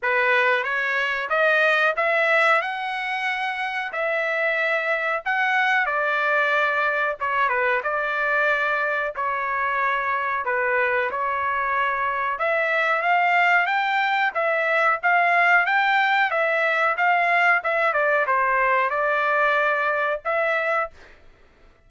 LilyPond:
\new Staff \with { instrumentName = "trumpet" } { \time 4/4 \tempo 4 = 92 b'4 cis''4 dis''4 e''4 | fis''2 e''2 | fis''4 d''2 cis''8 b'8 | d''2 cis''2 |
b'4 cis''2 e''4 | f''4 g''4 e''4 f''4 | g''4 e''4 f''4 e''8 d''8 | c''4 d''2 e''4 | }